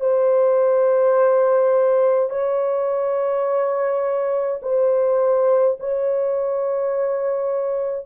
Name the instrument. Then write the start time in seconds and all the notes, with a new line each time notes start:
horn
0.00 C5
2.30 C#5
4.62 C5
5.80 C#5